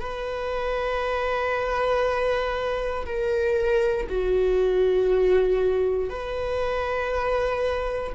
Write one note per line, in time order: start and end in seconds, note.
0.00 3.05 B4
3.06 4.08 A#4
4.09 6.10 F#4
6.10 8.13 B4